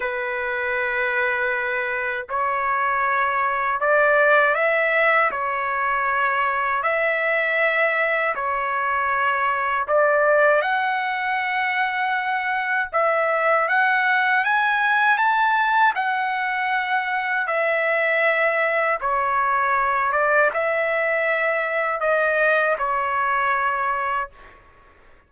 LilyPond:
\new Staff \with { instrumentName = "trumpet" } { \time 4/4 \tempo 4 = 79 b'2. cis''4~ | cis''4 d''4 e''4 cis''4~ | cis''4 e''2 cis''4~ | cis''4 d''4 fis''2~ |
fis''4 e''4 fis''4 gis''4 | a''4 fis''2 e''4~ | e''4 cis''4. d''8 e''4~ | e''4 dis''4 cis''2 | }